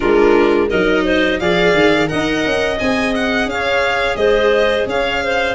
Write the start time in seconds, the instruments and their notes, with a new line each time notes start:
0.00 tuba G#3, viola D4, clarinet F4, violin A#4
0.68 tuba F#3, viola D#4, clarinet A#4, violin D#5
1.04 clarinet C5
1.39 tuba F3, viola G#4, clarinet D5, violin F5
1.73 tuba D#3
2.07 tuba D#4, viola A#4, clarinet D#5, violin F#5
2.45 tuba C#4
2.78 tuba C4, viola G#4, violin G#5
3.15 violin F#5
3.45 tuba C#4, clarinet C#5, violin F5
4.15 tuba G#3, clarinet C5, violin D#5
4.86 tuba C#4, clarinet C#5, violin F5
5.23 clarinet C5